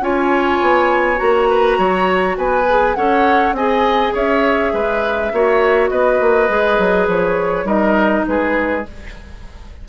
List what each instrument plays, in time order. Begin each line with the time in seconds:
0.00 bassoon C#4, clarinet F4, oboe C#5, flute G#5
0.62 bassoon B3
1.16 bassoon A#3, clarinet F#4, flute A#5
1.50 oboe B4
1.79 bassoon F#3, oboe C#5
2.37 bassoon B3, oboe B4, flute G#5
2.69 clarinet G#4
2.95 bassoon C#4, clarinet A4, oboe C#5, flute F#5
3.53 bassoon C4, clarinet G#4, oboe D#5, flute G#5
4.14 bassoon C#4, oboe C#5, flute E5
4.74 bassoon G#3, oboe B4
5.33 bassoon A#3, clarinet F#4, oboe C#5
5.90 bassoon B3, oboe B4, flute D#5
6.21 bassoon A#3
6.49 bassoon G#3, clarinet G#4
6.79 bassoon F#3
7.08 bassoon F3, flute C#5
7.64 bassoon G3, clarinet D#4, oboe A#4, flute D#5
8.28 bassoon G#3, oboe G#4, flute B4